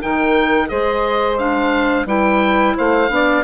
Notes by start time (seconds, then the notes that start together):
0.00 D#3 D#4 A#4 G5
0.68 G#3 G#4 C5 D#5
1.38 D4 F5
2.06 G3 E4 B4 G5
2.76 A3 C5 F5
3.09 B3 D4 D5